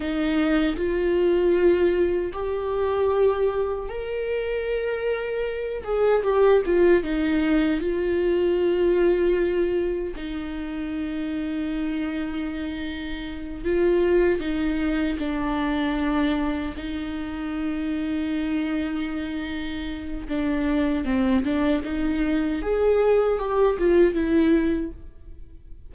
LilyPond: \new Staff \with { instrumentName = "viola" } { \time 4/4 \tempo 4 = 77 dis'4 f'2 g'4~ | g'4 ais'2~ ais'8 gis'8 | g'8 f'8 dis'4 f'2~ | f'4 dis'2.~ |
dis'4. f'4 dis'4 d'8~ | d'4. dis'2~ dis'8~ | dis'2 d'4 c'8 d'8 | dis'4 gis'4 g'8 f'8 e'4 | }